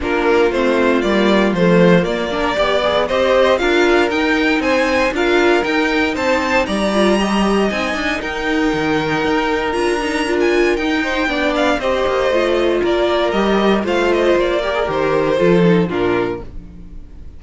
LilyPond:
<<
  \new Staff \with { instrumentName = "violin" } { \time 4/4 \tempo 4 = 117 ais'4 c''4 d''4 c''4 | d''2 dis''4 f''4 | g''4 gis''4 f''4 g''4 | a''4 ais''2 gis''4 |
g''2. ais''4~ | ais''16 gis''8. g''4. f''8 dis''4~ | dis''4 d''4 dis''4 f''8 dis''8 | d''4 c''2 ais'4 | }
  \new Staff \with { instrumentName = "violin" } { \time 4/4 f'1~ | f'8 ais'8 d''4 c''4 ais'4~ | ais'4 c''4 ais'2 | c''4 d''4 dis''2 |
ais'1~ | ais'4. c''8 d''4 c''4~ | c''4 ais'2 c''4~ | c''8 ais'4. a'4 f'4 | }
  \new Staff \with { instrumentName = "viola" } { \time 4/4 d'4 c'4 ais4 a4 | ais8 d'8 g'8 gis'8 g'4 f'4 | dis'2 f'4 dis'4~ | dis'4. f'8 g'4 dis'4~ |
dis'2. f'8 dis'8 | f'4 dis'4 d'4 g'4 | f'2 g'4 f'4~ | f'8 g'16 gis'16 g'4 f'8 dis'8 d'4 | }
  \new Staff \with { instrumentName = "cello" } { \time 4/4 ais4 a4 g4 f4 | ais4 b4 c'4 d'4 | dis'4 c'4 d'4 dis'4 | c'4 g2 c'8 d'8 |
dis'4 dis4 dis'4 d'4~ | d'4 dis'4 b4 c'8 ais8 | a4 ais4 g4 a4 | ais4 dis4 f4 ais,4 | }
>>